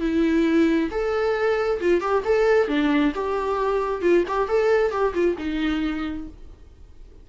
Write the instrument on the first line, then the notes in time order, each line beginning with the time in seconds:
viola
0.00 E4
0.91 A4
1.81 F4
2.00 G4
2.24 A4
2.68 D4
3.14 G4
4.02 F4
4.27 G4
4.48 A4
4.91 G4
5.14 F4
5.38 D#4